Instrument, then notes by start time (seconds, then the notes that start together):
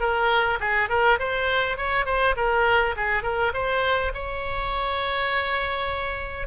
oboe
0.00 A#4
0.60 G#4
0.89 A#4
1.19 C5
1.77 C#5
2.06 C5
2.37 A#4
2.97 G#4
3.23 A#4
3.54 C5
4.14 C#5